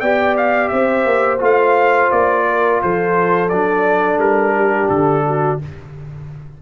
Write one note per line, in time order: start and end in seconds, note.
0.00 0.71 B3
0.00 1.39 G4
0.00 0.70 D5
0.00 0.35 G5
0.36 0.68 F5
0.68 1.05 C4
0.68 2.47 C5
0.68 1.37 E5
1.05 1.40 A#3
1.39 2.10 A3
1.39 3.48 F4
1.39 2.11 F5
2.11 2.81 A#3
2.11 2.81 D5
2.47 2.82 A#4
2.81 3.51 F3
2.81 4.55 A4
2.81 3.49 C5
3.49 4.18 F#3
3.49 5.61 D4
3.49 4.18 D5
4.18 4.87 G3
4.18 4.89 A#4
4.55 5.25 G4
4.89 5.59 D3
4.89 5.58 A4
5.26 5.61 F#4